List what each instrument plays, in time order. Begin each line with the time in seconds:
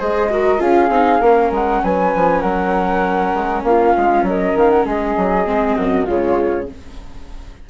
0.00 bassoon G#3, viola G#4, flute C5 D#5
0.31 viola F#4, flute A#4
0.59 bassoon C#4, viola F4, flute G#4 F5
0.90 bassoon C4, viola D#4
1.21 bassoon A#3, viola C#4, flute A#4
1.51 bassoon G#3, flute F#5
1.84 bassoon F#3, flute B4 G#5
2.16 bassoon F3
2.41 bassoon F#3, flute A#4 F#5
3.34 bassoon G#3
3.64 bassoon A#3, flute F4 F5
3.97 bassoon G#3
4.23 bassoon F#3, flute D#5
4.30 flute A#4
4.56 bassoon D#3, flute F5
4.70 flute F#5
4.86 bassoon G#3, flute G#4 D#5
5.17 bassoon F#3
5.46 bassoon G#3, viola C4
5.76 bassoon F#2, flute F#4
6.06 bassoon C#3, viola G#3, flute F4 C#5